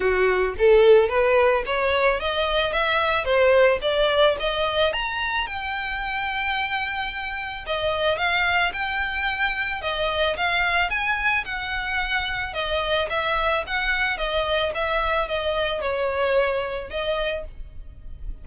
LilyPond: \new Staff \with { instrumentName = "violin" } { \time 4/4 \tempo 4 = 110 fis'4 a'4 b'4 cis''4 | dis''4 e''4 c''4 d''4 | dis''4 ais''4 g''2~ | g''2 dis''4 f''4 |
g''2 dis''4 f''4 | gis''4 fis''2 dis''4 | e''4 fis''4 dis''4 e''4 | dis''4 cis''2 dis''4 | }